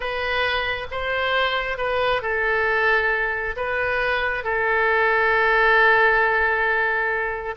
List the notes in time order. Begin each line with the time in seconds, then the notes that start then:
0.00 B4
0.91 C5
1.77 B4
2.22 A4
3.56 B4
4.43 A4